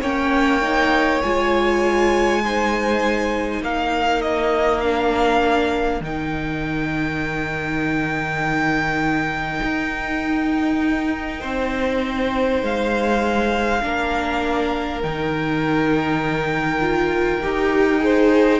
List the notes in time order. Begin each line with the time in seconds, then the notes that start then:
0.00 A#3 C#4 C#5 G5
0.61 D#4
1.22 G#3 F4 G#5
2.44 D#4 C5
3.61 A#3 A#4 F5
4.21 D#5
4.80 D4 F5
6.00 D#3 D#4 G5
9.62 D#4
11.40 C4 C5
12.62 G#3 F5
13.81 A#3 D4 A#4
15.02 D#3 D#4 G5
16.80 F4
17.42 D#4 G4
17.98 G#4 C5